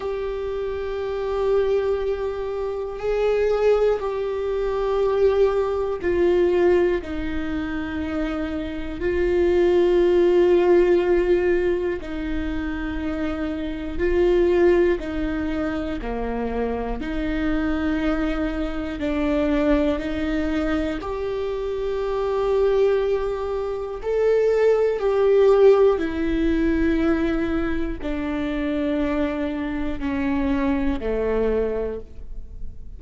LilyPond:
\new Staff \with { instrumentName = "viola" } { \time 4/4 \tempo 4 = 60 g'2. gis'4 | g'2 f'4 dis'4~ | dis'4 f'2. | dis'2 f'4 dis'4 |
ais4 dis'2 d'4 | dis'4 g'2. | a'4 g'4 e'2 | d'2 cis'4 a4 | }